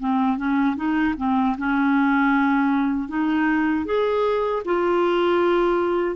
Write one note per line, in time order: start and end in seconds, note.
0.00 0.37 C4
0.37 0.76 C#4
0.76 1.15 D#4
1.17 1.56 C4
1.58 3.08 C#4
3.08 3.85 D#4
3.86 4.63 G#4
4.65 6.16 F4